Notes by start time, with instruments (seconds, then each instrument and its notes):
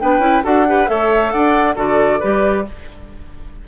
0.00 bassoon B3, clarinet D4, oboe B4, flute G5
0.19 bassoon C#4, clarinet E4
0.44 bassoon D4, clarinet F#4, oboe A4, flute F#5
0.68 clarinet G4, oboe B4
0.87 bassoon A3, clarinet A4, oboe C#5, flute E5
1.32 bassoon D4, oboe D5, flute F#5
1.76 bassoon D3, clarinet F#4, oboe A4, flute D5
2.20 bassoon G3, clarinet G4, oboe B4